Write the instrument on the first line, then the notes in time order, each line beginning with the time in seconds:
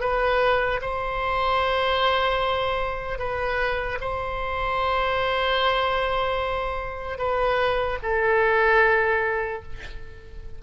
oboe
0.00 B4
0.81 C5
3.18 B4
4.00 C5
7.18 B4
8.02 A4